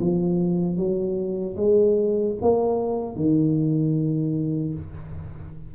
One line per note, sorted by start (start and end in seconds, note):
0.00 0.76 F3
0.76 1.55 F#3
1.56 2.35 G#3
2.41 3.15 A#3
3.15 4.73 D#3